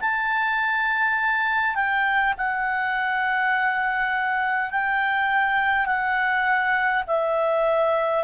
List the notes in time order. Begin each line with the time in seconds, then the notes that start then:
0.00 A5
1.75 G5
2.37 F#5
4.70 G5
5.86 F#5
7.07 E5